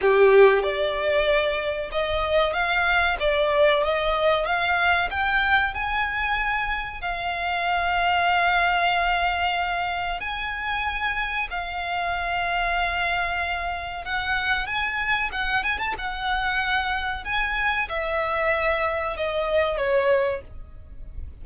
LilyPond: \new Staff \with { instrumentName = "violin" } { \time 4/4 \tempo 4 = 94 g'4 d''2 dis''4 | f''4 d''4 dis''4 f''4 | g''4 gis''2 f''4~ | f''1 |
gis''2 f''2~ | f''2 fis''4 gis''4 | fis''8 gis''16 a''16 fis''2 gis''4 | e''2 dis''4 cis''4 | }